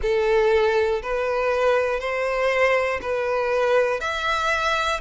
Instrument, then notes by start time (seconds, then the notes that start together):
violin
0.02 A4
1.02 B4
2.00 C5
3.01 B4
4.00 E5